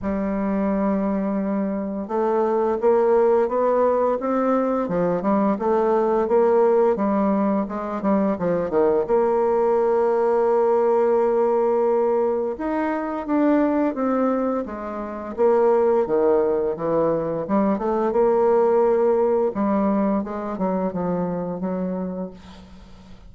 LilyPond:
\new Staff \with { instrumentName = "bassoon" } { \time 4/4 \tempo 4 = 86 g2. a4 | ais4 b4 c'4 f8 g8 | a4 ais4 g4 gis8 g8 | f8 dis8 ais2.~ |
ais2 dis'4 d'4 | c'4 gis4 ais4 dis4 | e4 g8 a8 ais2 | g4 gis8 fis8 f4 fis4 | }